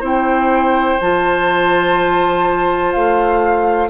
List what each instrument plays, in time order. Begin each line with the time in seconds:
0.00 bassoon C4, clarinet E4, oboe C5, flute G5
1.01 bassoon F3, clarinet F4, flute A5
2.92 bassoon A3, flute F5